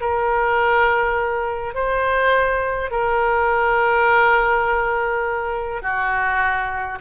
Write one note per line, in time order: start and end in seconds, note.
0.00 1.74 A#4
1.74 2.91 C5
2.91 5.82 A#4
5.82 6.98 F#4